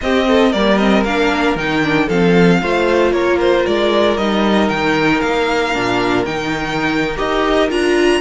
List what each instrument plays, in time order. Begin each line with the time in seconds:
0.01 cello C4, viola C4, violin G4 D#5
0.27 violin A4
0.51 cello G3, viola A#3, violin A#4 D5
0.77 viola C4, violin D#5
1.04 cello A#3, viola D4, violin F5
1.55 cello D#3, viola D#4, violin G5
1.83 viola D4
2.06 cello F3, viola C4, violin A4 F5
2.62 cello A3, viola F4, violin C5
3.12 cello A#3, violin A#4 C#5
3.39 violin C5
3.66 cello G#3, violin D5
4.17 cello G3, viola D#4, violin D#5
4.68 cello D#3, violin G5
5.20 cello A#3, violin F5
5.73 cello A#2, viola D4
6.25 cello D#3, viola D#4, violin G5
7.16 cello D#4, viola G4, violin D#5
7.69 cello D4, viola F4, violin A#5